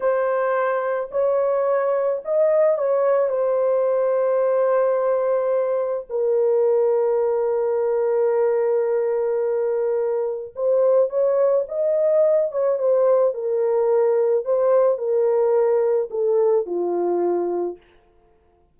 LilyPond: \new Staff \with { instrumentName = "horn" } { \time 4/4 \tempo 4 = 108 c''2 cis''2 | dis''4 cis''4 c''2~ | c''2. ais'4~ | ais'1~ |
ais'2. c''4 | cis''4 dis''4. cis''8 c''4 | ais'2 c''4 ais'4~ | ais'4 a'4 f'2 | }